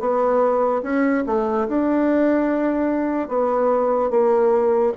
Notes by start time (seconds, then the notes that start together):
0.00 B3
0.83 C#4
1.27 A3
1.68 D4
3.29 B3
4.11 A#3